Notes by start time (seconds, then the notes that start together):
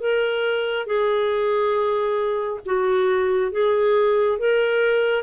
0.00 A#4
0.86 G#4
2.66 F#4
3.52 G#4
4.39 A#4